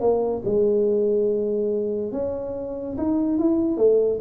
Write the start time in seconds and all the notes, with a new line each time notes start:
0.00 A#3
0.44 G#3
2.12 C#4
2.97 D#4
3.38 E4
3.77 A3